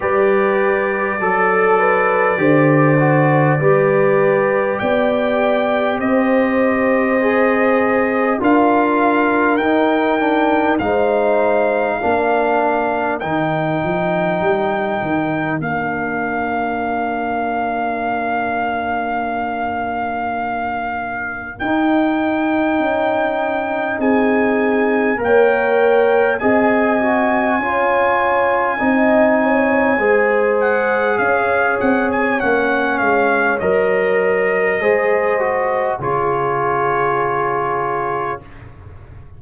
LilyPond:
<<
  \new Staff \with { instrumentName = "trumpet" } { \time 4/4 \tempo 4 = 50 d''1 | g''4 dis''2 f''4 | g''4 f''2 g''4~ | g''4 f''2.~ |
f''2 g''2 | gis''4 g''4 gis''2~ | gis''4. fis''8 f''8 fis''16 gis''16 fis''8 f''8 | dis''2 cis''2 | }
  \new Staff \with { instrumentName = "horn" } { \time 4/4 b'4 a'8 b'8 c''4 b'4 | d''4 c''2 ais'4~ | ais'4 c''4 ais'2~ | ais'1~ |
ais'1 | gis'4 cis''4 dis''4 cis''4 | dis''8 cis''8 c''4 cis''2~ | cis''4 c''4 gis'2 | }
  \new Staff \with { instrumentName = "trombone" } { \time 4/4 g'4 a'4 g'8 fis'8 g'4~ | g'2 gis'4 f'4 | dis'8 d'8 dis'4 d'4 dis'4~ | dis'4 d'2.~ |
d'2 dis'2~ | dis'4 ais'4 gis'8 fis'8 f'4 | dis'4 gis'2 cis'4 | ais'4 gis'8 fis'8 f'2 | }
  \new Staff \with { instrumentName = "tuba" } { \time 4/4 g4 fis4 d4 g4 | b4 c'2 d'4 | dis'4 gis4 ais4 dis8 f8 | g8 dis8 ais2.~ |
ais2 dis'4 cis'4 | c'4 ais4 c'4 cis'4 | c'4 gis4 cis'8 c'8 ais8 gis8 | fis4 gis4 cis2 | }
>>